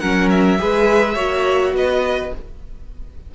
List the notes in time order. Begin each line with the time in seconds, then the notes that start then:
0.00 F#3 C#4 A#4 F#5
0.30 E5
0.58 G#3 G#4 B4
1.14 A#3 F#4 C#5
1.73 B3 B4 D#5